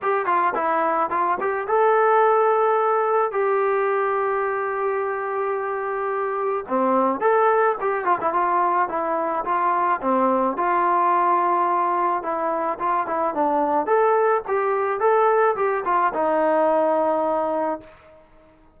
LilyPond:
\new Staff \with { instrumentName = "trombone" } { \time 4/4 \tempo 4 = 108 g'8 f'8 e'4 f'8 g'8 a'4~ | a'2 g'2~ | g'1 | c'4 a'4 g'8 f'16 e'16 f'4 |
e'4 f'4 c'4 f'4~ | f'2 e'4 f'8 e'8 | d'4 a'4 g'4 a'4 | g'8 f'8 dis'2. | }